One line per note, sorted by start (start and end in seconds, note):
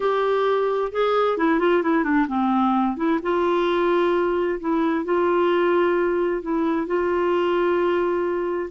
0.00 0.92 G4
0.92 1.37 G#4
1.37 1.59 E4
1.59 1.82 F4
1.82 2.03 E4
2.03 2.26 D4
2.28 2.96 C4
2.96 3.19 E4
3.22 4.59 F4
4.60 5.04 E4
5.04 6.41 F4
6.41 6.86 E4
6.86 8.70 F4